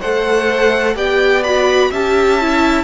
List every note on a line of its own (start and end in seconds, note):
0.00 0.95 A3
0.00 0.95 A4
0.00 0.95 C5
0.00 0.95 F#5
0.95 1.90 B3
0.95 1.42 G4
0.95 1.89 D5
0.95 1.43 G5
1.43 1.92 F#4
1.43 1.91 B5
1.89 2.84 C#4
1.89 2.41 G4
1.89 2.84 E5
1.89 2.84 A5
2.41 2.84 E4